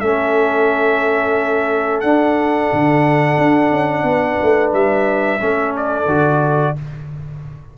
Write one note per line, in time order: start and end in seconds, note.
0.00 2.03 A3
0.00 2.03 C#4
0.00 4.05 A4
0.00 2.00 E5
2.00 2.71 D4
2.00 5.39 D4
2.00 4.70 F#5
2.72 3.37 D3
3.37 3.70 D4
3.70 4.03 C#4
4.03 4.37 B3
4.03 5.41 B4
4.42 4.73 A3
4.73 5.40 G3
4.73 5.75 E5
5.39 6.06 A3
5.39 6.07 C#4
5.39 6.76 A4
5.76 6.78 D5
6.06 6.73 D3
6.06 6.75 F#4